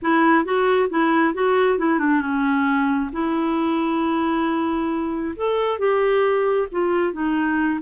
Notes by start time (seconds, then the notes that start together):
0.02 E4
0.44 F#4
0.89 E4
1.34 F#4
1.78 E4
1.99 D4
2.21 C#4
3.12 E4
5.36 A4
5.78 G4
6.71 F4
7.12 D#4